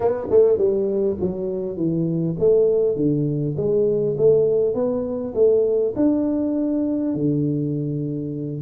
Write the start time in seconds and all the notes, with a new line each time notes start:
0.00 B3
0.30 A3
0.58 G3
1.20 F#3
1.76 E3
2.39 A3
2.95 D3
3.56 G#3
4.17 A3
4.74 B3
5.34 A3
5.95 D4
7.14 D3